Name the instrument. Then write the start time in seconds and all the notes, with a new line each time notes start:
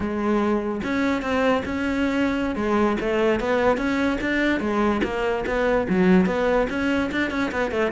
cello
0.00 G#3
0.83 C#4
1.21 C4
1.65 C#4
2.55 G#3
3.00 A3
3.40 B3
3.77 C#4
4.20 D4
4.60 G#3
5.03 A#3
5.46 B3
5.89 F#3
6.26 B3
6.69 C#4
7.11 D4
7.30 C#4
7.51 B3
7.71 A3